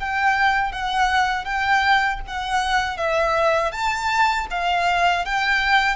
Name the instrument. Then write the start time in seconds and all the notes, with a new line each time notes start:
violin
0.00 G5
0.72 F#5
1.45 G5
2.27 F#5
2.98 E5
3.72 A5
4.51 F5
5.26 G5